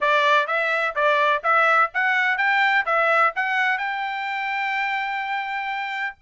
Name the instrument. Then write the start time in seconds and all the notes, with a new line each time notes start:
trumpet
0.00 D5
0.47 E5
0.95 D5
1.43 E5
1.94 F#5
2.37 G5
2.85 E5
3.35 F#5
3.77 G5